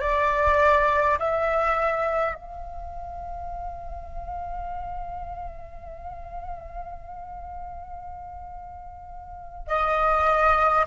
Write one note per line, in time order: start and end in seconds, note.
0.00 1.18 D5
1.19 2.34 E5
2.34 9.67 F5
9.67 10.84 D#5